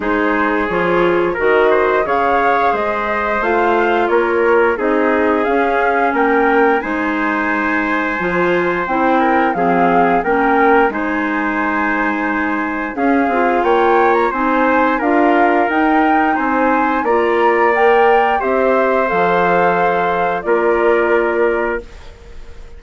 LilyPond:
<<
  \new Staff \with { instrumentName = "flute" } { \time 4/4 \tempo 4 = 88 c''4 cis''4 dis''4 f''4 | dis''4 f''4 cis''4 dis''4 | f''4 g''4 gis''2~ | gis''4 g''4 f''4 g''4 |
gis''2. f''4 | g''8. ais''16 gis''4 f''4 g''4 | gis''4 ais''4 g''4 e''4 | f''2 d''2 | }
  \new Staff \with { instrumentName = "trumpet" } { \time 4/4 gis'2 ais'8 c''8 cis''4 | c''2 ais'4 gis'4~ | gis'4 ais'4 c''2~ | c''4. ais'8 gis'4 ais'4 |
c''2. gis'4 | cis''4 c''4 ais'2 | c''4 d''2 c''4~ | c''2 ais'2 | }
  \new Staff \with { instrumentName = "clarinet" } { \time 4/4 dis'4 f'4 fis'4 gis'4~ | gis'4 f'2 dis'4 | cis'2 dis'2 | f'4 e'4 c'4 cis'4 |
dis'2. cis'8 f'8~ | f'4 dis'4 f'4 dis'4~ | dis'4 f'4 ais'4 g'4 | a'2 f'2 | }
  \new Staff \with { instrumentName = "bassoon" } { \time 4/4 gis4 f4 dis4 cis4 | gis4 a4 ais4 c'4 | cis'4 ais4 gis2 | f4 c'4 f4 ais4 |
gis2. cis'8 c'8 | ais4 c'4 d'4 dis'4 | c'4 ais2 c'4 | f2 ais2 | }
>>